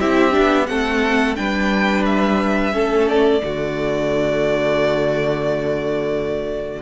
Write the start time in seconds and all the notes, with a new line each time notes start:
0.00 C4 E4 G4 E5
0.31 D4
0.38 B3
0.67 A3 C4 A4 F#5
1.36 G3 D4 B4 G5
2.06 E5
2.72 A3 C#4 A4
3.08 D5
3.42 D3 A3 F#4